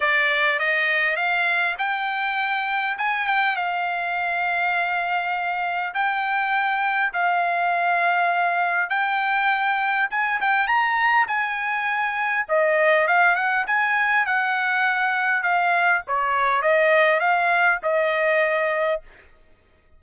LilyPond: \new Staff \with { instrumentName = "trumpet" } { \time 4/4 \tempo 4 = 101 d''4 dis''4 f''4 g''4~ | g''4 gis''8 g''8 f''2~ | f''2 g''2 | f''2. g''4~ |
g''4 gis''8 g''8 ais''4 gis''4~ | gis''4 dis''4 f''8 fis''8 gis''4 | fis''2 f''4 cis''4 | dis''4 f''4 dis''2 | }